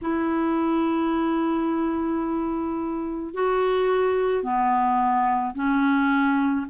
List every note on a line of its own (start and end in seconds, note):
0.02 3.33 E4
3.33 4.43 F#4
4.43 5.54 B3
5.55 6.66 C#4